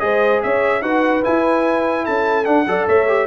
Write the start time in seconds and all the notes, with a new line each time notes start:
0.00 G#3 G#4 C5 D#5
0.43 C#4 C#5 E5
0.82 D#4 F#4 B4 F#5
1.23 E4 G#5
2.05 C#4 A4 A5
2.45 D4 F#5
2.67 F#3 A4 D5
2.88 A3 C#5 E5
3.07 G4